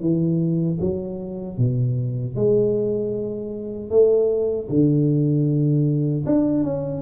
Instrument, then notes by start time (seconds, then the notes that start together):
tuba
0.00 E3
0.80 F#3
1.58 B2
2.36 G#3
3.90 A3
4.69 D3
6.26 D4
6.63 C#4